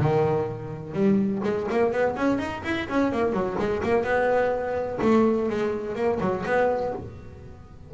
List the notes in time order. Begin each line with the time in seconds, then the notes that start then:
0.00 D#3
0.94 G3
1.43 G#3
1.71 A#3
1.92 B3
2.16 C#4
2.39 D#4
2.65 E4
2.89 C#4
3.13 A#3
3.33 F#3
3.59 G#3
3.84 A#3
4.04 B3
5.02 A3
5.50 G#3
5.96 A#3
6.21 F#3
6.46 B3